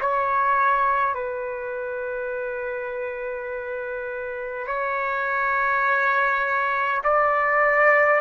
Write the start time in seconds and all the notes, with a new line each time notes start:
0.00 C#5
1.14 B4
4.67 C#5
7.03 D5